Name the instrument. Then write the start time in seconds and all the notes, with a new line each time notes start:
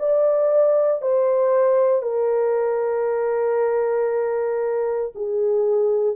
horn
0.00 D5
1.03 C5
2.03 A#4
5.15 G#4